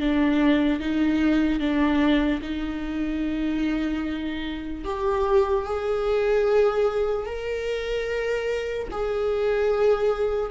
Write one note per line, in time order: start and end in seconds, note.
0.00 0.80 D4
0.80 1.60 D#4
1.60 2.41 D4
2.43 4.85 D#4
4.85 5.65 G4
5.65 7.26 G#4
7.26 8.88 A#4
8.92 10.51 G#4